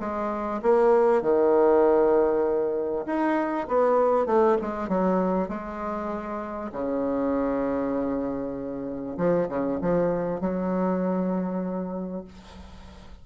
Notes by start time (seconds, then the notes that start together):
0.00 G#3
0.62 A#3
1.22 D#3
3.06 D#4
3.68 B3
4.26 A3
4.62 G#3
4.89 F#3
5.49 G#3
6.72 C#3
9.18 F3
9.49 C#3
9.82 F3
10.41 F#3